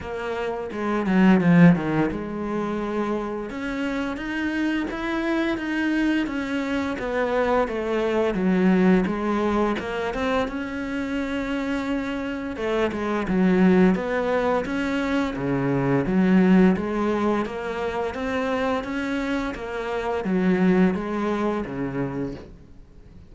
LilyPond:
\new Staff \with { instrumentName = "cello" } { \time 4/4 \tempo 4 = 86 ais4 gis8 fis8 f8 dis8 gis4~ | gis4 cis'4 dis'4 e'4 | dis'4 cis'4 b4 a4 | fis4 gis4 ais8 c'8 cis'4~ |
cis'2 a8 gis8 fis4 | b4 cis'4 cis4 fis4 | gis4 ais4 c'4 cis'4 | ais4 fis4 gis4 cis4 | }